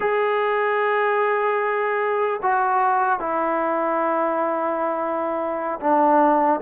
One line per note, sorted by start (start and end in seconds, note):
0.00 2.40 G#4
2.42 3.19 F#4
3.19 5.79 E4
5.80 6.60 D4